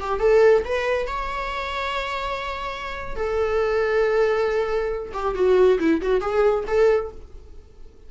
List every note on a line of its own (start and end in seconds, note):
0.00 0.20 G4
0.20 0.63 A4
0.64 1.07 B4
1.07 3.15 C#5
3.15 5.12 A4
5.13 5.35 G4
5.35 5.78 F#4
5.79 6.01 E4
6.01 6.21 F#4
6.21 6.64 G#4
6.67 7.11 A4